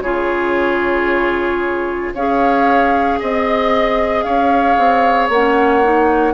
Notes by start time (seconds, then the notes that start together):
0.00 C#3 F4 G#4 C#5
2.14 C#4 G#4 C#5 F5
3.20 C4 D#5
4.23 C#4 C#5 F5
4.78 C4
5.29 A#3 C#4 F#5
5.83 D#4